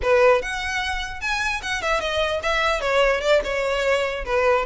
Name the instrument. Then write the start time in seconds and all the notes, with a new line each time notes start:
violin
0.02 B4
0.41 F#5
1.20 G#5
1.62 F#5
1.82 E5
2.00 D#5
2.42 E5
2.80 C#5
3.20 D5
3.44 C#5
4.25 B4